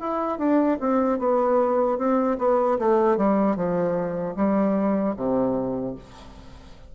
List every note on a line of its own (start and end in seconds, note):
0.00 0.38 E4
0.38 0.78 D4
0.80 1.19 C4
1.19 1.98 B3
1.98 2.38 C4
2.39 2.78 B3
2.79 3.17 A3
3.17 3.56 G3
3.56 4.35 F3
4.36 5.15 G3
5.16 5.95 C3